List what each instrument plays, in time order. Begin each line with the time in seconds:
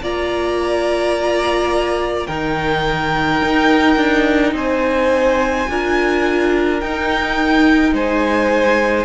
0.00 cello A#3, viola F4, violin D5 A#5
2.26 cello D#3, viola D#4, violin A#4 G5
3.41 cello D#4
3.96 cello D4
4.52 cello C4, violin C5 G#5
5.68 cello D4, viola F4, violin A#4
6.80 viola D#4, cello D#4, violin G5
7.92 cello G#3, violin C5 G#5